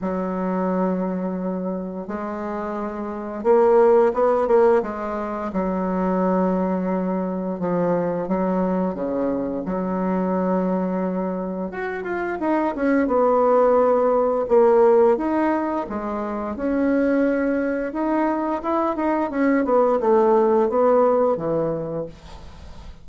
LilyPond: \new Staff \with { instrumentName = "bassoon" } { \time 4/4 \tempo 4 = 87 fis2. gis4~ | gis4 ais4 b8 ais8 gis4 | fis2. f4 | fis4 cis4 fis2~ |
fis4 fis'8 f'8 dis'8 cis'8 b4~ | b4 ais4 dis'4 gis4 | cis'2 dis'4 e'8 dis'8 | cis'8 b8 a4 b4 e4 | }